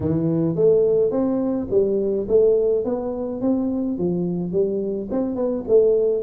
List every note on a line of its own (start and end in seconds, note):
0.00 0.55 E3
0.55 1.11 A3
1.11 1.67 C4
1.70 2.27 G3
2.28 2.85 A3
2.85 3.41 B3
3.41 3.98 C4
3.98 4.52 F3
4.52 5.08 G3
5.11 5.35 C4
5.35 5.64 B3
5.68 6.23 A3